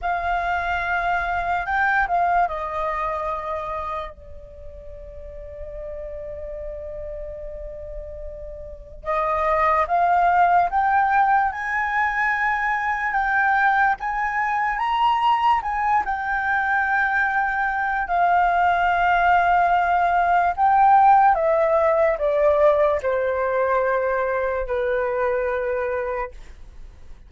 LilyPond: \new Staff \with { instrumentName = "flute" } { \time 4/4 \tempo 4 = 73 f''2 g''8 f''8 dis''4~ | dis''4 d''2.~ | d''2. dis''4 | f''4 g''4 gis''2 |
g''4 gis''4 ais''4 gis''8 g''8~ | g''2 f''2~ | f''4 g''4 e''4 d''4 | c''2 b'2 | }